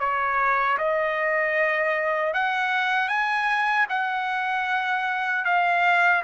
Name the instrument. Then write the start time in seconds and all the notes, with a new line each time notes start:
trumpet
0.00 C#5
0.78 D#5
2.34 F#5
3.09 G#5
3.90 F#5
5.45 F5